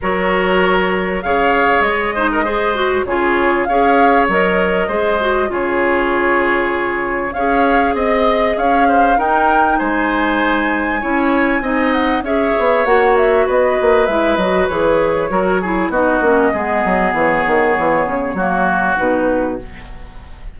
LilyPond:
<<
  \new Staff \with { instrumentName = "flute" } { \time 4/4 \tempo 4 = 98 cis''2 f''4 dis''4~ | dis''4 cis''4 f''4 dis''4~ | dis''4 cis''2. | f''4 dis''4 f''4 g''4 |
gis''2.~ gis''8 fis''8 | e''4 fis''8 e''8 dis''4 e''8 dis''8 | cis''2 dis''2 | cis''2. b'4 | }
  \new Staff \with { instrumentName = "oboe" } { \time 4/4 ais'2 cis''4. c''16 ais'16 | c''4 gis'4 cis''2 | c''4 gis'2. | cis''4 dis''4 cis''8 c''8 ais'4 |
c''2 cis''4 dis''4 | cis''2 b'2~ | b'4 ais'8 gis'8 fis'4 gis'4~ | gis'2 fis'2 | }
  \new Staff \with { instrumentName = "clarinet" } { \time 4/4 fis'2 gis'4. dis'8 | gis'8 fis'8 f'4 gis'4 ais'4 | gis'8 fis'8 f'2. | gis'2. dis'4~ |
dis'2 e'4 dis'4 | gis'4 fis'2 e'8 fis'8 | gis'4 fis'8 e'8 dis'8 cis'8 b4~ | b2 ais4 dis'4 | }
  \new Staff \with { instrumentName = "bassoon" } { \time 4/4 fis2 cis4 gis4~ | gis4 cis4 cis'4 fis4 | gis4 cis2. | cis'4 c'4 cis'4 dis'4 |
gis2 cis'4 c'4 | cis'8 b8 ais4 b8 ais8 gis8 fis8 | e4 fis4 b8 ais8 gis8 fis8 | e8 dis8 e8 cis8 fis4 b,4 | }
>>